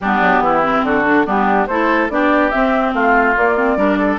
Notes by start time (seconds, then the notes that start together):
0.00 G3 B3 D4 G4
0.20 F#3
0.39 E3 E4
0.62 C4
0.83 D3 F#4 A4
1.05 D4
1.25 G3 B3 D4 G4
1.67 A3 E4 A4 C5
2.09 B3 D4 G4 D5
2.50 C4 E5
2.93 A3 F4 F5
3.36 A#3 D5
3.56 C4
3.76 G3 D4 A#4
3.98 A4